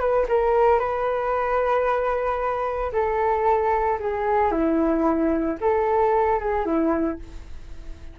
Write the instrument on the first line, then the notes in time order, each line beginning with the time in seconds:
flute
0.00 B4
0.29 A#4
0.79 B4
2.93 A4
4.00 G#4
4.52 E4
5.61 A4
6.40 G#4
6.66 E4